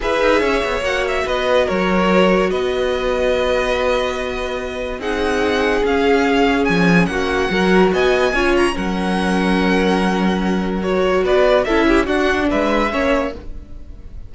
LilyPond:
<<
  \new Staff \with { instrumentName = "violin" } { \time 4/4 \tempo 4 = 144 e''2 fis''8 e''8 dis''4 | cis''2 dis''2~ | dis''1 | fis''2 f''2 |
gis''4 fis''2 gis''4~ | gis''8 ais''8 fis''2.~ | fis''2 cis''4 d''4 | e''4 fis''4 e''2 | }
  \new Staff \with { instrumentName = "violin" } { \time 4/4 b'4 cis''2 b'4 | ais'2 b'2~ | b'1 | gis'1~ |
gis'4 fis'4 ais'4 dis''4 | cis''4 ais'2.~ | ais'2. b'4 | a'8 g'8 fis'4 b'4 cis''4 | }
  \new Staff \with { instrumentName = "viola" } { \time 4/4 gis'2 fis'2~ | fis'1~ | fis'1 | dis'2 cis'2~ |
cis'2 fis'2 | f'4 cis'2.~ | cis'2 fis'2 | e'4 d'2 cis'4 | }
  \new Staff \with { instrumentName = "cello" } { \time 4/4 e'8 dis'8 cis'8 b8 ais4 b4 | fis2 b2~ | b1 | c'2 cis'2 |
f4 ais4 fis4 b4 | cis'4 fis2.~ | fis2. b4 | cis'4 d'4 gis4 ais4 | }
>>